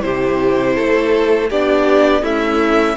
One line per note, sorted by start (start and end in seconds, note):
0.00 0.77 C3
0.00 1.48 E4
0.00 0.75 G4
0.00 1.50 C5
0.75 1.50 A3
0.75 1.49 A4
1.49 2.23 B3
1.49 2.22 D4
1.49 2.22 G4
1.49 2.24 D5
2.22 2.96 A3
2.22 2.97 C#4
2.22 2.96 E4
2.22 2.97 E5